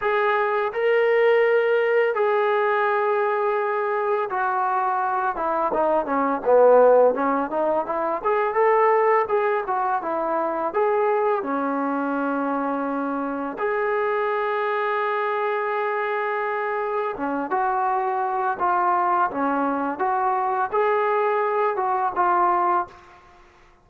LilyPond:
\new Staff \with { instrumentName = "trombone" } { \time 4/4 \tempo 4 = 84 gis'4 ais'2 gis'4~ | gis'2 fis'4. e'8 | dis'8 cis'8 b4 cis'8 dis'8 e'8 gis'8 | a'4 gis'8 fis'8 e'4 gis'4 |
cis'2. gis'4~ | gis'1 | cis'8 fis'4. f'4 cis'4 | fis'4 gis'4. fis'8 f'4 | }